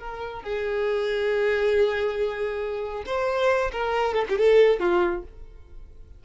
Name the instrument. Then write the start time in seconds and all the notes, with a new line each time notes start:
violin
0.00 A#4
0.43 G#4
3.06 C5
3.72 A#4
4.14 A4
4.29 G4
4.38 A4
4.80 F4